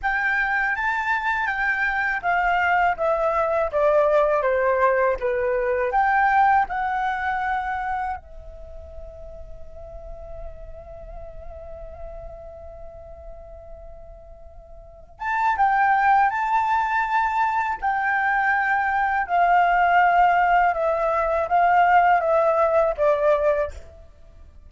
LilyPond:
\new Staff \with { instrumentName = "flute" } { \time 4/4 \tempo 4 = 81 g''4 a''4 g''4 f''4 | e''4 d''4 c''4 b'4 | g''4 fis''2 e''4~ | e''1~ |
e''1~ | e''8 a''8 g''4 a''2 | g''2 f''2 | e''4 f''4 e''4 d''4 | }